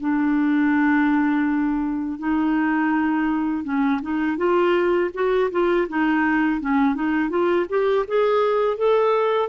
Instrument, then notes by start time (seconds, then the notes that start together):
clarinet
0.00 D4
2.19 D#4
3.64 C#4
4.02 D#4
4.37 F4
5.14 F#4
5.51 F4
5.89 D#4
6.61 C#4
6.95 D#4
7.30 F4
7.69 G4
8.08 G#4
8.77 A4